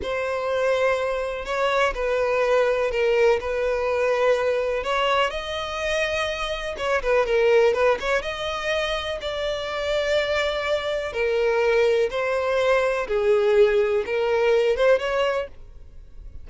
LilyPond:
\new Staff \with { instrumentName = "violin" } { \time 4/4 \tempo 4 = 124 c''2. cis''4 | b'2 ais'4 b'4~ | b'2 cis''4 dis''4~ | dis''2 cis''8 b'8 ais'4 |
b'8 cis''8 dis''2 d''4~ | d''2. ais'4~ | ais'4 c''2 gis'4~ | gis'4 ais'4. c''8 cis''4 | }